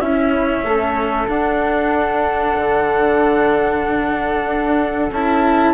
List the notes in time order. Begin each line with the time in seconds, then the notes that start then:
0.00 C#4 E4 E5
0.64 A3 A4
1.28 D4 F#5
2.57 D3
4.45 D4
5.11 C#4 E4 A5